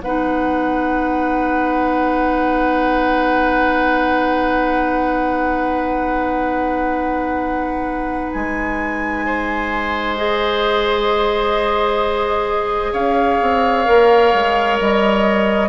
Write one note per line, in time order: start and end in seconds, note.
0.00 8.31 B3
0.00 10.17 D#4
0.00 9.25 B4
0.00 8.32 F#5
8.32 12.92 G#3
8.32 10.16 G#5
9.25 12.92 C5
10.16 13.84 G#4
10.16 12.93 D#5
12.92 13.39 C#4
12.92 15.69 C#5
12.92 14.77 F5
13.41 13.87 C4
13.84 14.34 A#3
13.84 15.68 A#4
14.34 14.80 G#3
14.79 15.69 G3
14.79 15.69 D#5